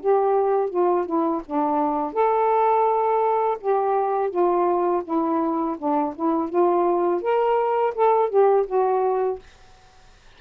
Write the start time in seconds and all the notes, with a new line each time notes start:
0.00 G4
0.70 F4
1.05 E4
1.46 D4
2.13 A4
3.60 G4
4.30 F4
5.04 E4
5.78 D4
6.15 E4
6.49 F4
7.22 A#4
7.95 A4
8.29 G4
8.66 F#4